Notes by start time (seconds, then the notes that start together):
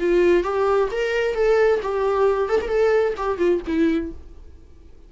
0.00 F4
0.44 G4
0.92 A#4
1.35 A4
1.82 G4
2.49 A4
2.62 A#4
2.68 A4
3.17 G4
3.38 F4
3.67 E4